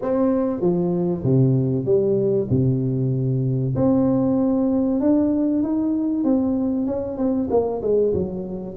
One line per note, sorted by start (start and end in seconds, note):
0.01 0.61 C4
0.61 1.23 F3
1.23 1.85 C3
1.85 2.47 G3
2.50 3.75 C3
3.75 5.00 C4
5.00 5.62 D4
5.62 6.23 D#4
6.23 6.86 C4
6.86 7.17 C#4
7.17 7.49 C4
7.50 7.81 A#3
7.82 8.13 G#3
8.13 8.76 F#3